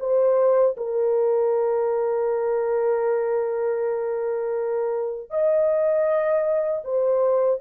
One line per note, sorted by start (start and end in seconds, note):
0.00 0.76 C5
0.77 5.31 A#4
5.31 6.83 D#5
6.84 7.60 C5